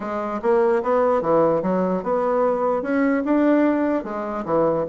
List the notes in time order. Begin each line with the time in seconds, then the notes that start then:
0.00 G#3
0.41 A#3
0.82 B3
1.21 E3
1.62 F#3
2.03 B3
2.82 C#4
3.24 D4
4.04 G#3
4.45 E3